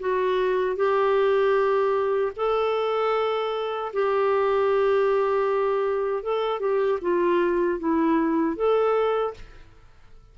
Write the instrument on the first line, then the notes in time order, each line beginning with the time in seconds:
clarinet
0.00 F#4
0.76 G4
2.37 A4
3.93 G4
6.23 A4
6.60 G4
7.01 F4
7.80 E4
8.56 A4